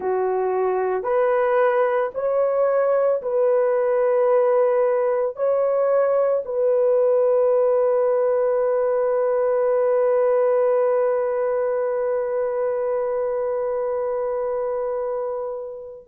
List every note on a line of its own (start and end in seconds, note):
0.00 1.03 F#4
1.03 2.10 B4
2.14 3.21 C#5
3.21 5.36 B4
5.36 6.43 C#5
6.45 16.07 B4